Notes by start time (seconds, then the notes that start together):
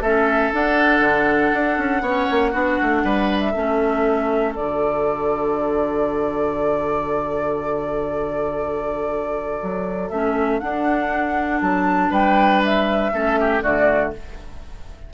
0.00 A3 C#4 A4 E5
0.53 D4 F#5
1.00 D3
1.53 D4
1.77 C#4
2.01 B3 C#4 C#5
2.31 A#3
2.51 B3 D4 F#4
2.82 A3
3.03 G3 B4
3.39 E5
3.51 A3 C#4 A4
4.55 D3 F#4 D5
9.62 F#3
10.09 A3 C#4 E5
10.59 D4 F#5
11.61 F#3 A5
12.10 G3 B4 G5
12.64 E5
13.12 A3 C#4 A4
13.40 G4
13.62 D3 A3 F#4 D5